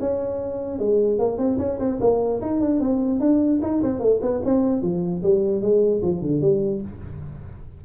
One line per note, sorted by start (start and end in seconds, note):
0.00 0.79 C#4
0.79 1.19 G#3
1.19 1.38 A#3
1.38 1.58 C4
1.59 1.79 C#4
1.79 1.99 C4
2.00 2.41 A#3
2.41 2.60 D#4
2.60 2.80 D4
2.80 3.20 C4
3.20 3.60 D4
3.62 3.82 D#4
3.83 3.99 C4
3.99 4.20 A3
4.22 4.42 B3
4.45 4.82 C4
4.82 5.22 F3
5.23 5.61 G3
5.61 6.02 G#3
6.02 6.21 F3
6.21 6.41 D3
6.41 6.81 G3